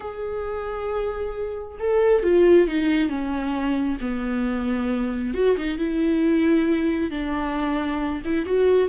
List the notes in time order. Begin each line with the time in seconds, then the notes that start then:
0.00 G#4
1.79 A4
2.23 F4
2.67 D#4
3.09 C#4
4.00 B3
5.34 F#4
5.57 D#4
5.78 E4
7.11 D4
8.24 E4
8.45 F#4